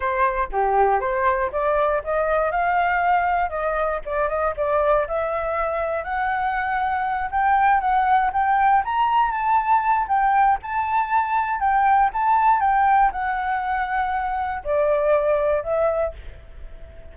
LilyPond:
\new Staff \with { instrumentName = "flute" } { \time 4/4 \tempo 4 = 119 c''4 g'4 c''4 d''4 | dis''4 f''2 dis''4 | d''8 dis''8 d''4 e''2 | fis''2~ fis''8 g''4 fis''8~ |
fis''8 g''4 ais''4 a''4. | g''4 a''2 g''4 | a''4 g''4 fis''2~ | fis''4 d''2 e''4 | }